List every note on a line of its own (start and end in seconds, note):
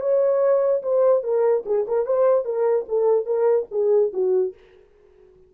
0.00 0.82 C#5
0.82 1.23 C5
1.23 1.64 A#4
1.65 1.86 G#4
1.88 2.06 A#4
2.06 2.45 C5
2.45 2.85 A#4
2.88 3.26 A4
3.26 3.66 A#4
3.71 4.12 G#4
4.13 4.54 F#4